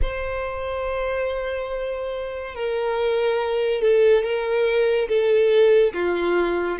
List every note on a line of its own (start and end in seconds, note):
0.02 2.55 C5
2.55 3.81 A#4
3.81 4.23 A4
4.23 5.08 A#4
5.08 5.93 A4
5.93 6.78 F4